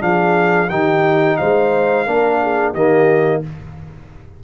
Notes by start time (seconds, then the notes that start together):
0.00 F3 D4 G#4 F5
0.70 D#3 D#4 G4 G5
1.37 G#3 C5 F5
2.07 A#3 D4 A#4
2.43 G#4
2.73 D#3 A#3 G4 D#5